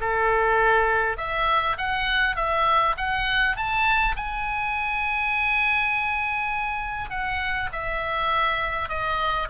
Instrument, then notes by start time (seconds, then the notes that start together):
oboe
0.00 A4
1.17 E5
1.77 F#5
2.36 E5
2.97 F#5
3.56 A5
4.16 G#5
7.10 F#5
7.72 E5
8.88 D#5